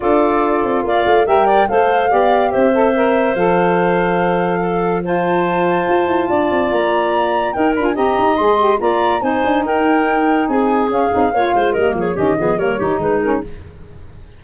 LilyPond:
<<
  \new Staff \with { instrumentName = "flute" } { \time 4/4 \tempo 4 = 143 d''2 f''4 g''4 | f''2 e''2 | f''1 | a''1 |
ais''2 g''8 b''16 gis''16 ais''4 | c'''4 ais''4 gis''4 g''4~ | g''4 gis''4 f''2 | dis''8 cis''8 dis''4 cis''4 b'8 ais'8 | }
  \new Staff \with { instrumentName = "clarinet" } { \time 4/4 a'2 d''4 e''8 d''8 | c''4 d''4 c''2~ | c''2. a'4 | c''2. d''4~ |
d''2 ais'4 dis''4~ | dis''4 d''4 c''4 ais'4~ | ais'4 gis'2 cis''8 c''8 | ais'8 gis'8 g'8 gis'8 ais'8 g'8 dis'4 | }
  \new Staff \with { instrumentName = "saxophone" } { \time 4/4 f'2. ais'4 | a'4 g'4. a'8 ais'4 | a'1 | f'1~ |
f'2 dis'8 f'8 g'4 | gis'8 g'8 f'4 dis'2~ | dis'2 cis'8 dis'8 f'4 | ais4 cis'8 b8 ais8 dis'4 cis'8 | }
  \new Staff \with { instrumentName = "tuba" } { \time 4/4 d'4. c'8 ais8 a8 g4 | a4 b4 c'2 | f1~ | f2 f'8 e'8 d'8 c'8 |
ais2 dis'8 d'8 c'8 dis'8 | gis4 ais4 c'8 d'8 dis'4~ | dis'4 c'4 cis'8 c'8 ais8 gis8 | g8 f8 dis8 f8 g8 dis8 gis4 | }
>>